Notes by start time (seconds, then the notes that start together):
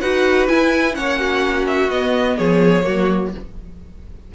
0.00 D#4 F#4 B4 F#5
0.48 E4 G#5
0.93 A#3 C#4 C#5 F#5
1.19 F#4
1.66 E5
1.88 B3 D#5
2.37 F3 G#4 C#5
2.82 F#3 A#3 F#4